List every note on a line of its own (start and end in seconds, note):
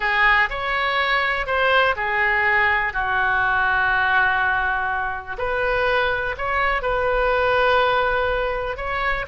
0.00 0.49 G#4
0.49 1.46 C#5
1.46 1.95 C5
1.96 2.93 G#4
2.93 5.37 F#4
5.38 6.35 B4
6.37 6.82 C#5
6.82 8.76 B4
8.76 9.25 C#5